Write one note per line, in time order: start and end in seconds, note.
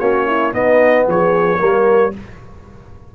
0.00 0.54 A#3
0.00 0.53 C#4
0.00 0.27 F#4
0.00 0.53 C#5
0.27 0.53 E4
0.53 1.58 B3
0.53 1.07 B3
0.53 1.05 D#4
0.53 1.07 D#5
1.08 1.60 F3
1.08 1.60 G#4
1.08 2.15 C#5
1.59 2.14 G3
1.59 2.12 A#3
1.59 2.12 A#4